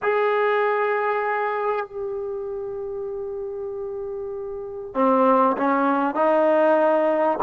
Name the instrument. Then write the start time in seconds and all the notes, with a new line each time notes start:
trombone
0.02 G#4
1.86 G4
4.94 C4
5.57 C#4
6.14 D#4